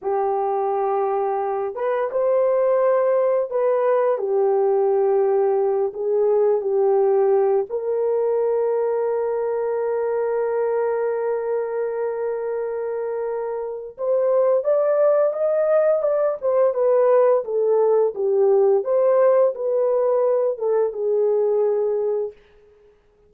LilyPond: \new Staff \with { instrumentName = "horn" } { \time 4/4 \tempo 4 = 86 g'2~ g'8 b'8 c''4~ | c''4 b'4 g'2~ | g'8 gis'4 g'4. ais'4~ | ais'1~ |
ais'1 | c''4 d''4 dis''4 d''8 c''8 | b'4 a'4 g'4 c''4 | b'4. a'8 gis'2 | }